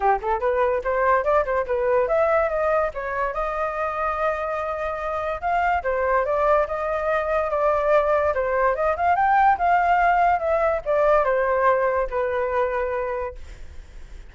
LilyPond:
\new Staff \with { instrumentName = "flute" } { \time 4/4 \tempo 4 = 144 g'8 a'8 b'4 c''4 d''8 c''8 | b'4 e''4 dis''4 cis''4 | dis''1~ | dis''4 f''4 c''4 d''4 |
dis''2 d''2 | c''4 dis''8 f''8 g''4 f''4~ | f''4 e''4 d''4 c''4~ | c''4 b'2. | }